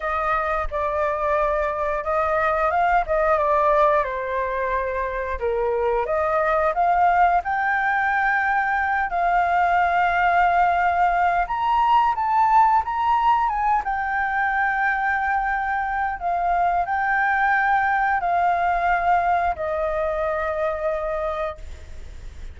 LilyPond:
\new Staff \with { instrumentName = "flute" } { \time 4/4 \tempo 4 = 89 dis''4 d''2 dis''4 | f''8 dis''8 d''4 c''2 | ais'4 dis''4 f''4 g''4~ | g''4. f''2~ f''8~ |
f''4 ais''4 a''4 ais''4 | gis''8 g''2.~ g''8 | f''4 g''2 f''4~ | f''4 dis''2. | }